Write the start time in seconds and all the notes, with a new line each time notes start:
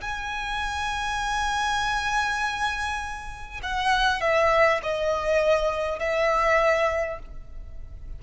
0.00 G#5
3.63 F#5
4.21 E5
4.83 D#5
5.99 E5